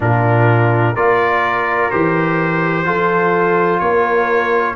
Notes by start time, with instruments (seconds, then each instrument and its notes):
0.00 tuba A#2, trombone D4, horn F4, trumpet A#4
0.93 tuba A#3, trombone F4, horn A#4, trumpet D5
1.90 tuba E3, trombone G4, trumpet C5
2.85 tuba F3, trombone F4, horn A4
3.79 tuba A#3, horn A#4, trumpet C#5